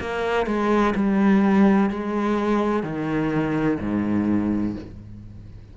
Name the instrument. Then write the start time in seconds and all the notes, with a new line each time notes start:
cello
0.00 A#3
0.46 G#3
0.95 G3
1.90 G#3
2.83 D#3
3.80 G#2